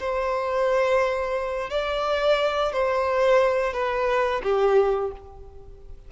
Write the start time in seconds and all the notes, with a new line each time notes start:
0.00 C5
1.70 D5
2.73 C5
3.74 B4
4.44 G4